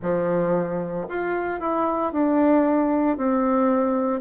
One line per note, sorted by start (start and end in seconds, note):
0.01 1.07 F3
1.09 1.59 F4
1.59 2.12 E4
2.12 3.17 D4
3.17 4.21 C4